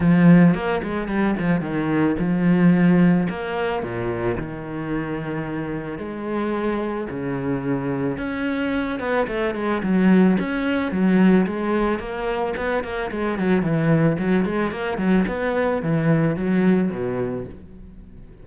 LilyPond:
\new Staff \with { instrumentName = "cello" } { \time 4/4 \tempo 4 = 110 f4 ais8 gis8 g8 f8 dis4 | f2 ais4 ais,4 | dis2. gis4~ | gis4 cis2 cis'4~ |
cis'8 b8 a8 gis8 fis4 cis'4 | fis4 gis4 ais4 b8 ais8 | gis8 fis8 e4 fis8 gis8 ais8 fis8 | b4 e4 fis4 b,4 | }